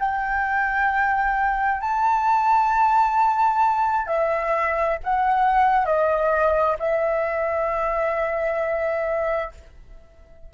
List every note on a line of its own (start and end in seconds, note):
0.00 1.81 G5
1.81 4.07 A5
4.07 4.98 E5
5.04 5.86 F#5
5.86 6.77 D#5
6.79 9.52 E5